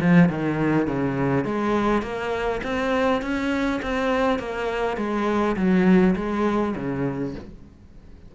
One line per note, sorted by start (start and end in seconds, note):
0.00 0.29 F3
0.29 0.87 D#3
0.87 1.44 C#3
1.44 2.02 G#3
2.02 2.61 A#3
2.63 3.22 C4
3.22 3.80 C#4
3.82 4.39 C4
4.39 4.97 A#3
4.97 5.56 G#3
5.56 6.15 F#3
6.16 6.75 G#3
6.76 7.35 C#3